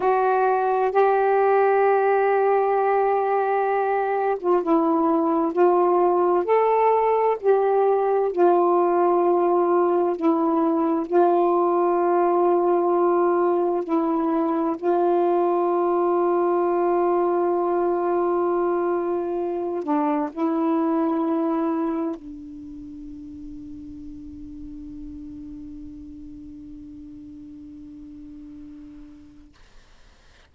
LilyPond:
\new Staff \with { instrumentName = "saxophone" } { \time 4/4 \tempo 4 = 65 fis'4 g'2.~ | g'8. f'16 e'4 f'4 a'4 | g'4 f'2 e'4 | f'2. e'4 |
f'1~ | f'4. d'8 e'2 | d'1~ | d'1 | }